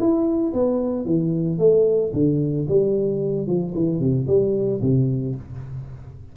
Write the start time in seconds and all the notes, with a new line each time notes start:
0.00 E4
0.54 B3
1.06 E3
1.59 A3
2.14 D3
2.69 G3
3.47 F3
3.75 E3
4.00 C3
4.27 G3
4.82 C3